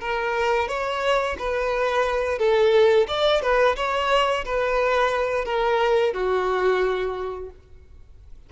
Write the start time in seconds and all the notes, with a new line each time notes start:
0.00 A#4
0.68 C#5
1.39 B4
2.39 A4
3.08 D5
3.42 B4
3.76 C#5
4.45 B4
5.45 A#4
6.13 F#4